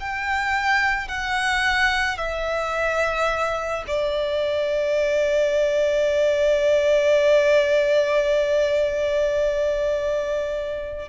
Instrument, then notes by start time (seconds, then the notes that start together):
violin
0.00 G5
1.08 F#5
2.18 E5
3.87 D5